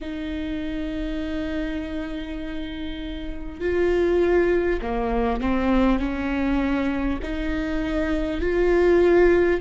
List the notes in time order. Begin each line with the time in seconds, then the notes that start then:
0.00 D#4
3.60 F4
4.81 A#3
5.41 C4
5.99 C#4
7.22 D#4
8.41 F4